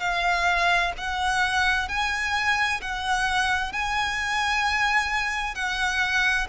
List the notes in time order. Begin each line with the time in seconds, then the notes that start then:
0.00 F5
0.97 F#5
1.88 G#5
2.81 F#5
3.72 G#5
5.55 F#5